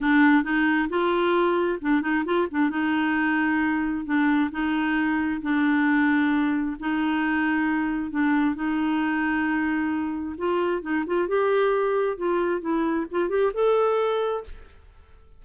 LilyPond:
\new Staff \with { instrumentName = "clarinet" } { \time 4/4 \tempo 4 = 133 d'4 dis'4 f'2 | d'8 dis'8 f'8 d'8 dis'2~ | dis'4 d'4 dis'2 | d'2. dis'4~ |
dis'2 d'4 dis'4~ | dis'2. f'4 | dis'8 f'8 g'2 f'4 | e'4 f'8 g'8 a'2 | }